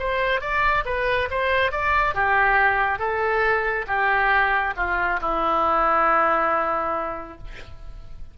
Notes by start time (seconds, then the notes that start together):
0.00 C5
0.41 D5
0.86 B4
1.31 C5
1.72 D5
2.15 G4
2.99 A4
3.88 G4
4.77 F4
5.21 E4